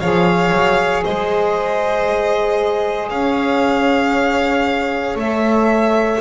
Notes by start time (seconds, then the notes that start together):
0.00 F3 G#4 C#5 F5
0.52 F#3
1.04 G#3 C5 D#5
3.09 C#4 C#5 F5
5.15 A3 A4 E5